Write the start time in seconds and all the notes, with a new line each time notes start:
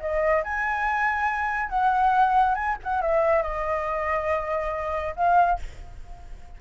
0.00 D#5
0.44 G#5
1.69 F#5
2.55 G#5
2.83 F#5
3.02 E5
3.42 D#5
5.16 F5